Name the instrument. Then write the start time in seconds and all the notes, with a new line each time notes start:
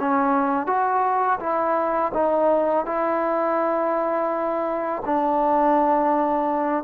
trombone
0.00 C#4
0.67 F#4
1.40 E4
2.14 D#4
2.86 E4
5.05 D4